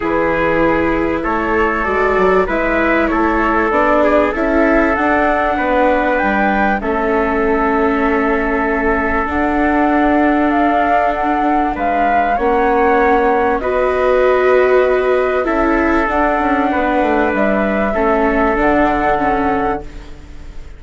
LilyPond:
<<
  \new Staff \with { instrumentName = "flute" } { \time 4/4 \tempo 4 = 97 b'2 cis''4 d''4 | e''4 cis''4 d''4 e''4 | fis''2 g''4 e''4~ | e''2. fis''4~ |
fis''4 f''4 fis''4 f''4 | fis''2 dis''2~ | dis''4 e''4 fis''2 | e''2 fis''2 | }
  \new Staff \with { instrumentName = "trumpet" } { \time 4/4 gis'2 a'2 | b'4 a'4. gis'8 a'4~ | a'4 b'2 a'4~ | a'1~ |
a'2. b'4 | cis''2 b'2~ | b'4 a'2 b'4~ | b'4 a'2. | }
  \new Staff \with { instrumentName = "viola" } { \time 4/4 e'2. fis'4 | e'2 d'4 e'4 | d'2. cis'4~ | cis'2. d'4~ |
d'1 | cis'2 fis'2~ | fis'4 e'4 d'2~ | d'4 cis'4 d'4 cis'4 | }
  \new Staff \with { instrumentName = "bassoon" } { \time 4/4 e2 a4 gis8 fis8 | gis4 a4 b4 cis'4 | d'4 b4 g4 a4~ | a2. d'4~ |
d'2. gis4 | ais2 b2~ | b4 cis'4 d'8 cis'8 b8 a8 | g4 a4 d2 | }
>>